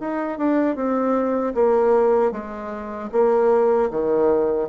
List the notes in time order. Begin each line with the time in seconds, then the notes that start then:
0.00 D#4
0.38 D4
0.76 C4
1.55 A#3
2.32 G#3
3.12 A#3
3.90 D#3